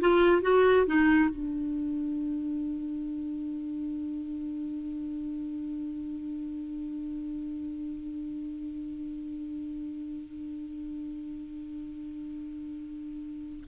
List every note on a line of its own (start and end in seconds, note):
0.00 0.42 F4
0.42 0.86 F#4
0.86 1.29 D#4
1.29 13.64 D4